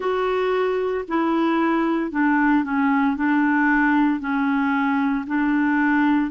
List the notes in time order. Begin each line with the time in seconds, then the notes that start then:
0.00 F#4
1.08 E4
2.11 D4
2.64 C#4
3.16 D4
4.20 C#4
5.26 D4